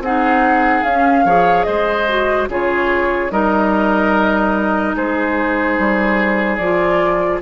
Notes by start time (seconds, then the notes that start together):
0.00 C4 D#4 G#4 F#5
0.83 C#4 F5
1.24 F3 G#4 C#5
1.63 G#3 C5 D#5
2.08 F#4
2.48 C#3 F4 G#4 C#5
3.30 G3 D#4 A#4 D#5
4.96 G#3 G#4 C5
5.78 G3
6.57 F3 F4 D5